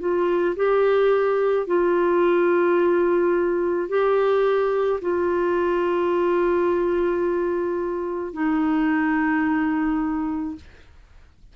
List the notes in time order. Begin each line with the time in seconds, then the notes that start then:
0.00 F4
0.56 G4
1.67 F4
3.89 G4
5.01 F4
8.33 D#4